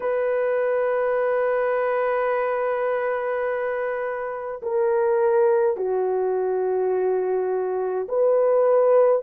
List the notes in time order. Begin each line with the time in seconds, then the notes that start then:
0.00 B4
4.62 A#4
5.76 F#4
8.08 B4